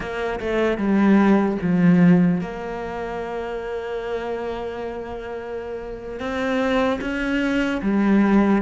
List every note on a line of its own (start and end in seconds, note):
0.00 0.39 A#3
0.40 0.77 A3
0.77 1.57 G3
1.61 2.40 F3
2.40 6.19 A#3
6.19 6.99 C4
7.01 7.81 C#4
7.81 8.61 G3